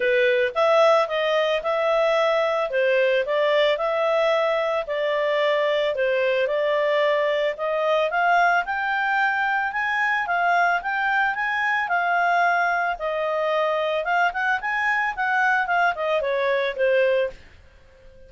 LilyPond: \new Staff \with { instrumentName = "clarinet" } { \time 4/4 \tempo 4 = 111 b'4 e''4 dis''4 e''4~ | e''4 c''4 d''4 e''4~ | e''4 d''2 c''4 | d''2 dis''4 f''4 |
g''2 gis''4 f''4 | g''4 gis''4 f''2 | dis''2 f''8 fis''8 gis''4 | fis''4 f''8 dis''8 cis''4 c''4 | }